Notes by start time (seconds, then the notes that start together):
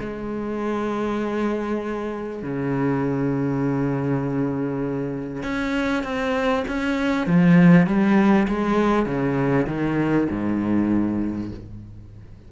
0.00 G#3
2.42 C#3
5.43 C#4
6.03 C4
6.68 C#4
7.26 F3
7.87 G3
8.48 G#3
9.06 C#3
9.67 D#3
10.29 G#2